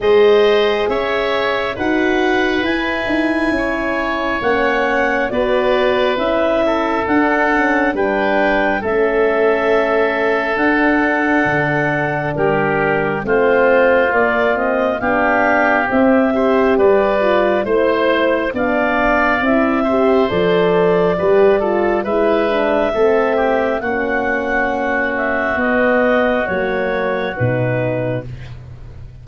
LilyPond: <<
  \new Staff \with { instrumentName = "clarinet" } { \time 4/4 \tempo 4 = 68 dis''4 e''4 fis''4 gis''4~ | gis''4 fis''4 d''4 e''4 | fis''4 g''4 e''2 | fis''2 ais'4 c''4 |
d''8 dis''8 f''4 e''4 d''4 | c''4 f''4 e''4 d''4~ | d''4 e''2 fis''4~ | fis''8 e''8 dis''4 cis''4 b'4 | }
  \new Staff \with { instrumentName = "oboe" } { \time 4/4 c''4 cis''4 b'2 | cis''2 b'4. a'8~ | a'4 b'4 a'2~ | a'2 g'4 f'4~ |
f'4 g'4. c''8 b'4 | c''4 d''4. c''4. | b'8 a'8 b'4 a'8 g'8 fis'4~ | fis'1 | }
  \new Staff \with { instrumentName = "horn" } { \time 4/4 gis'2 fis'4 e'4~ | e'4 cis'4 fis'4 e'4 | d'8 cis'8 d'4 cis'2 | d'2. c'4 |
ais8 c'8 d'4 c'8 g'4 f'8 | e'4 d'4 e'8 g'8 a'4 | g'8 f'8 e'8 d'8 c'4 cis'4~ | cis'4 b4 ais4 dis'4 | }
  \new Staff \with { instrumentName = "tuba" } { \time 4/4 gis4 cis'4 dis'4 e'8 dis'8 | cis'4 ais4 b4 cis'4 | d'4 g4 a2 | d'4 d4 g4 a4 |
ais4 b4 c'4 g4 | a4 b4 c'4 f4 | g4 gis4 a4 ais4~ | ais4 b4 fis4 b,4 | }
>>